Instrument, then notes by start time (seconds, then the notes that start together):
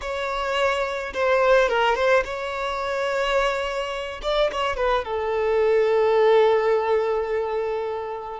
violin
0.01 C#5
1.13 C5
1.68 A#4
1.95 C5
2.24 C#5
4.22 D5
4.51 C#5
4.76 B4
5.04 A4